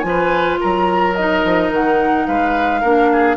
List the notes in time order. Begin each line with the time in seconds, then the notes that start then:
0.00 F3 F4 G#5
0.08 B4
0.60 F#3 A#4 A#5
1.15 D#4 D#5
1.44 F3
1.70 D#3 F#5
2.27 G#3 B4 F5
2.80 A#3 D4 A#4
3.12 G#4